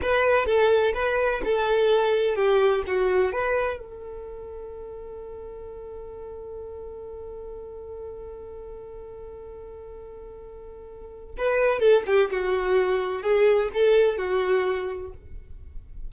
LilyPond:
\new Staff \with { instrumentName = "violin" } { \time 4/4 \tempo 4 = 127 b'4 a'4 b'4 a'4~ | a'4 g'4 fis'4 b'4 | a'1~ | a'1~ |
a'1~ | a'1 | b'4 a'8 g'8 fis'2 | gis'4 a'4 fis'2 | }